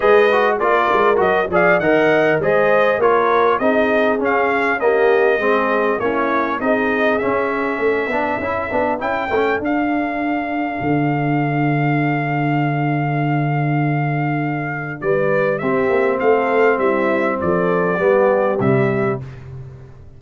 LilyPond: <<
  \new Staff \with { instrumentName = "trumpet" } { \time 4/4 \tempo 4 = 100 dis''4 d''4 dis''8 f''8 fis''4 | dis''4 cis''4 dis''4 f''4 | dis''2 cis''4 dis''4 | e''2. g''4 |
f''1~ | f''1~ | f''4 d''4 e''4 f''4 | e''4 d''2 e''4 | }
  \new Staff \with { instrumentName = "horn" } { \time 4/4 b'4 ais'4. d''8 dis''4 | c''4 ais'4 gis'2 | g'4 gis'4 e'4 gis'4~ | gis'4 a'2.~ |
a'1~ | a'1~ | a'4 b'4 g'4 a'4 | e'4 a'4 g'2 | }
  \new Staff \with { instrumentName = "trombone" } { \time 4/4 gis'8 fis'8 f'4 fis'8 gis'8 ais'4 | gis'4 f'4 dis'4 cis'4 | ais4 c'4 cis'4 dis'4 | cis'4. d'8 e'8 d'8 e'8 cis'8 |
d'1~ | d'1~ | d'2 c'2~ | c'2 b4 g4 | }
  \new Staff \with { instrumentName = "tuba" } { \time 4/4 gis4 ais8 gis8 fis8 f8 dis4 | gis4 ais4 c'4 cis'4~ | cis'4 gis4 ais4 c'4 | cis'4 a8 b8 cis'8 b8 cis'8 a8 |
d'2 d2~ | d1~ | d4 g4 c'8 ais8 a4 | g4 f4 g4 c4 | }
>>